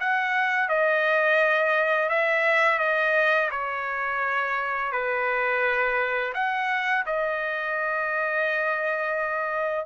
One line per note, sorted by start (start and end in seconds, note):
0.00 0.69 F#5
0.69 2.09 D#5
2.09 2.79 E5
2.79 3.49 D#5
3.51 4.92 C#5
4.92 6.33 B4
6.34 7.04 F#5
7.06 9.85 D#5